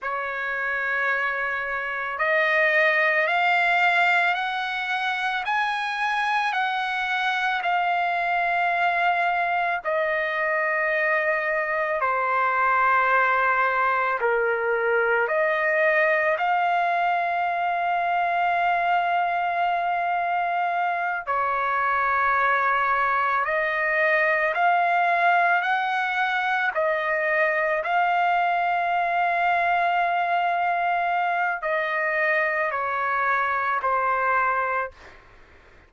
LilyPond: \new Staff \with { instrumentName = "trumpet" } { \time 4/4 \tempo 4 = 55 cis''2 dis''4 f''4 | fis''4 gis''4 fis''4 f''4~ | f''4 dis''2 c''4~ | c''4 ais'4 dis''4 f''4~ |
f''2.~ f''8 cis''8~ | cis''4. dis''4 f''4 fis''8~ | fis''8 dis''4 f''2~ f''8~ | f''4 dis''4 cis''4 c''4 | }